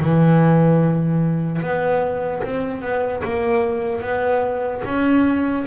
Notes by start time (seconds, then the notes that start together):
0.00 E3
1.62 B3
2.43 C4
2.82 B3
3.24 A#3
4.02 B3
4.85 C#4